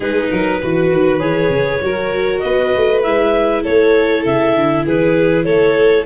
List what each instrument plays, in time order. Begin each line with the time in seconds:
0.00 tuba G#3, viola D#4, violin G#4, clarinet B4
0.30 tuba F#3, violin A#4
0.61 tuba E3, viola F#4, violin B4
0.91 tuba D#3
1.19 tuba E3, viola G#4, clarinet C#5
1.49 tuba C#3
1.81 tuba F#3, viola F#4, violin A#4
2.39 tuba B3, violin B4, clarinet D#5
2.76 tuba A3
3.02 tuba G#3, viola E4, clarinet E5
3.62 tuba A3, violin A4, clarinet C#5
4.25 tuba C#3, clarinet E5
4.55 tuba D3
4.85 tuba E3, violin G#4, clarinet B4
5.44 tuba A3, violin A4, clarinet C#5